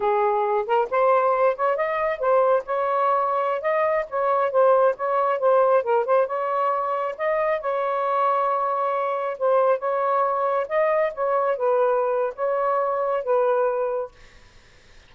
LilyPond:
\new Staff \with { instrumentName = "saxophone" } { \time 4/4 \tempo 4 = 136 gis'4. ais'8 c''4. cis''8 | dis''4 c''4 cis''2~ | cis''16 dis''4 cis''4 c''4 cis''8.~ | cis''16 c''4 ais'8 c''8 cis''4.~ cis''16~ |
cis''16 dis''4 cis''2~ cis''8.~ | cis''4~ cis''16 c''4 cis''4.~ cis''16~ | cis''16 dis''4 cis''4 b'4.~ b'16 | cis''2 b'2 | }